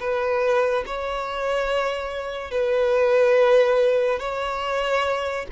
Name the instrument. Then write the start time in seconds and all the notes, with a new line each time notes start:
violin
0.00 B4
0.86 C#5
2.51 B4
4.19 C#5